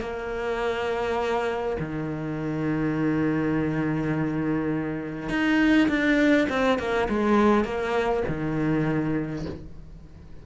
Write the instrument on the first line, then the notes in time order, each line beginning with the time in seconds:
cello
0.00 A#3
1.79 D#3
5.29 D#4
5.88 D4
6.49 C4
6.78 A#3
7.09 G#3
7.64 A#3
8.28 D#3